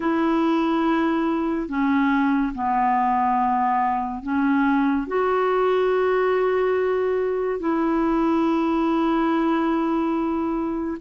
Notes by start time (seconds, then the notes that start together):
0.00 E4
1.68 C#4
2.54 B3
4.23 C#4
5.07 F#4
7.59 E4